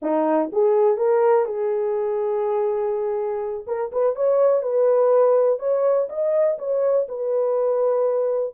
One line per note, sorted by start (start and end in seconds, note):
0.01 0.50 D#4
0.52 0.97 G#4
0.97 1.45 A#4
1.45 3.65 G#4
3.66 3.91 A#4
3.92 4.15 B4
4.15 4.62 C#5
4.62 5.59 B4
5.59 6.08 C#5
6.09 6.57 D#5
6.58 7.07 C#5
7.08 8.54 B4